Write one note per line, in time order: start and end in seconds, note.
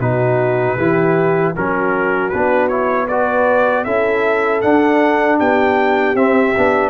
0.00 0.77 B2
0.00 0.78 D#4
0.00 0.77 F#4
0.00 1.55 B4
0.77 1.55 E3
0.77 1.55 E4
0.77 1.54 G4
1.55 2.33 F#3
1.55 2.33 C#4
1.55 3.09 F#4
1.55 2.30 A#4
2.30 3.86 B3
2.30 2.70 D4
2.30 2.68 B4
2.69 3.08 E4
2.69 3.07 C#5
3.08 3.86 F#4
3.08 3.85 B4
3.08 3.84 D5
3.84 4.63 C#4
3.84 4.63 E4
3.84 5.38 A4
3.84 4.61 E5
4.62 6.16 D4
4.62 5.40 D4
4.62 5.39 F#5
5.38 6.15 B3
5.38 6.90 G4
5.38 6.17 G5
6.15 6.54 C4
6.15 6.55 C4
6.15 6.90 E5
6.57 6.90 B3
6.57 6.90 D4